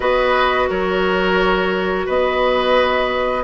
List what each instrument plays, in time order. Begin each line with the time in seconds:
0.00 bassoon B3, clarinet F#4, oboe B4, flute D#5
0.69 bassoon F#3, oboe A#4, flute C#5
2.05 bassoon B3, oboe B4, flute D#5